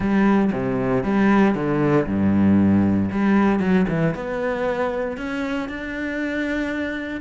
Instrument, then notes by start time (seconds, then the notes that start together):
cello
0.00 G3
0.52 C3
1.03 G3
1.54 D3
2.06 G2
3.11 G3
3.59 F#3
3.88 E3
4.14 B3
5.17 C#4
5.68 D4